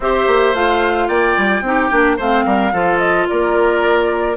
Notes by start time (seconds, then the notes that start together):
0.00 C4 G4 C5 E5
0.27 A#3
0.54 A3 F4 F5
1.07 A#3 D5 G5
1.37 G3
1.61 C4 D#4 G4
1.90 A#3 D4
2.17 A3 C4 C5 F5
2.45 G3 A#4
2.72 F3 F4 A4
2.98 D#5
3.28 A#3 A#4 D5